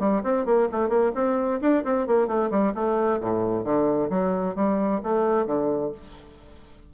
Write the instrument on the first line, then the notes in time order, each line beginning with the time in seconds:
bassoon
0.00 G3
0.24 C4
0.46 A#3
0.72 A3
0.89 A#3
1.15 C4
1.61 D4
1.85 C4
2.07 A#3
2.28 A3
2.51 G3
2.75 A3
3.21 A2
3.64 D3
4.10 F#3
4.56 G3
5.04 A3
5.47 D3